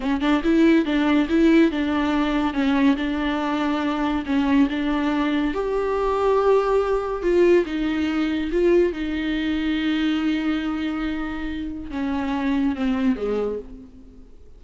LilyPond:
\new Staff \with { instrumentName = "viola" } { \time 4/4 \tempo 4 = 141 cis'8 d'8 e'4 d'4 e'4 | d'2 cis'4 d'4~ | d'2 cis'4 d'4~ | d'4 g'2.~ |
g'4 f'4 dis'2 | f'4 dis'2.~ | dis'1 | cis'2 c'4 gis4 | }